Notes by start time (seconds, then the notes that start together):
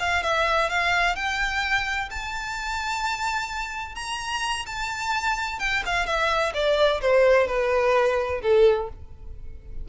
0.00 F5
0.23 E5
0.70 F5
1.16 G5
2.11 A5
3.95 A#5
4.66 A5
5.60 G5
5.86 F5
6.06 E5
6.54 D5
7.01 C5
7.48 B4
8.42 A4